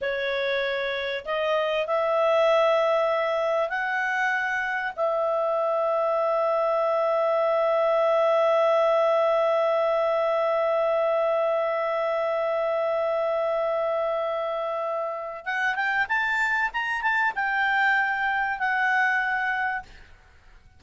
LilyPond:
\new Staff \with { instrumentName = "clarinet" } { \time 4/4 \tempo 4 = 97 cis''2 dis''4 e''4~ | e''2 fis''2 | e''1~ | e''1~ |
e''1~ | e''1~ | e''4 fis''8 g''8 a''4 ais''8 a''8 | g''2 fis''2 | }